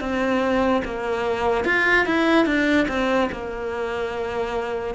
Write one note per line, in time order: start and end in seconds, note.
0.00 0.82 C4
0.84 1.65 A#3
1.65 2.05 F4
2.05 2.45 E4
2.45 2.87 D4
2.88 3.29 C4
3.32 4.95 A#3